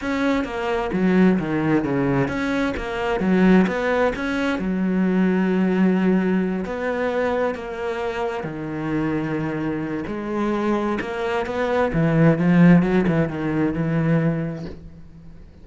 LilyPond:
\new Staff \with { instrumentName = "cello" } { \time 4/4 \tempo 4 = 131 cis'4 ais4 fis4 dis4 | cis4 cis'4 ais4 fis4 | b4 cis'4 fis2~ | fis2~ fis8 b4.~ |
b8 ais2 dis4.~ | dis2 gis2 | ais4 b4 e4 f4 | fis8 e8 dis4 e2 | }